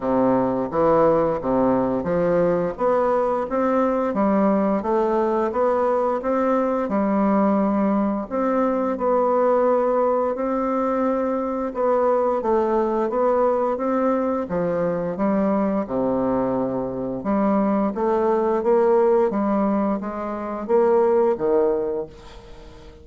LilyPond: \new Staff \with { instrumentName = "bassoon" } { \time 4/4 \tempo 4 = 87 c4 e4 c4 f4 | b4 c'4 g4 a4 | b4 c'4 g2 | c'4 b2 c'4~ |
c'4 b4 a4 b4 | c'4 f4 g4 c4~ | c4 g4 a4 ais4 | g4 gis4 ais4 dis4 | }